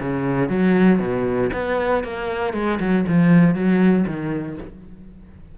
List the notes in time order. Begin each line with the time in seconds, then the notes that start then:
0.00 C#3
0.49 F#3
0.99 B2
1.53 B3
2.04 A#3
2.53 G#3
2.79 F#3
3.08 F3
3.55 F#3
4.07 D#3